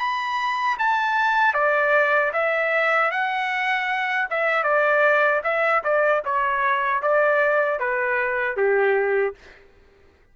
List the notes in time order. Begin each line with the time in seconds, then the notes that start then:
0.00 B5
0.79 A5
1.54 D5
2.34 E5
3.11 F#5
4.31 E5
4.64 D5
5.44 E5
5.84 D5
6.26 C#5
7.03 D5
7.80 B4
8.57 G4